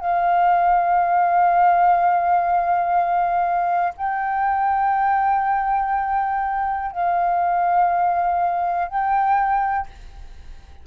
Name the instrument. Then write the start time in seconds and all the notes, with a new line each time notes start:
flute
0.00 F5
3.97 G5
6.92 F5
8.88 G5